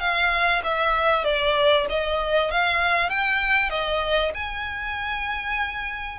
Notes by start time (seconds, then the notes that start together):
0.00 F5
0.64 E5
1.24 D5
1.90 D#5
2.51 F5
3.10 G5
3.70 D#5
4.34 G#5